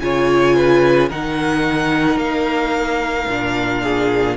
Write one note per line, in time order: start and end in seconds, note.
0.00 1.11 C#3
0.00 1.10 F4
0.00 0.56 C#5
0.00 1.09 G#5
0.56 1.09 B4
1.09 2.17 D#3
1.09 3.28 D#4
1.09 3.81 A#4
1.09 2.19 F#5
2.17 3.26 A#3
2.17 4.36 F5
3.28 4.36 A#2
3.28 4.36 D4
3.83 4.36 G#4